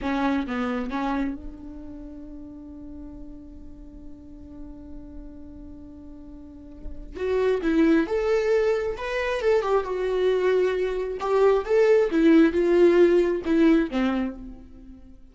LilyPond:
\new Staff \with { instrumentName = "viola" } { \time 4/4 \tempo 4 = 134 cis'4 b4 cis'4 d'4~ | d'1~ | d'1~ | d'1 |
fis'4 e'4 a'2 | b'4 a'8 g'8 fis'2~ | fis'4 g'4 a'4 e'4 | f'2 e'4 c'4 | }